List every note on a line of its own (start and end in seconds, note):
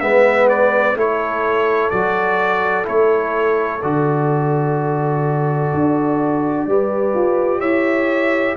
0.00 0.95 G#3
0.00 0.96 B3
0.00 0.96 B4
0.00 0.48 E5
0.49 0.97 D5
0.95 1.90 A3
0.95 1.92 E4
0.95 6.68 A4
0.95 1.90 C#5
1.90 2.88 F#3
1.90 2.84 F#4
1.90 2.85 D5
2.84 3.83 A3
2.84 3.79 E4
2.84 3.82 C#5
3.82 5.73 D3
3.82 6.69 F#4
3.82 7.60 D5
5.74 6.66 D4
6.66 7.14 G3
6.66 8.57 G4
6.66 7.60 B4
7.14 7.61 F4
7.60 8.56 E4
7.60 8.55 C#5
7.60 8.56 E5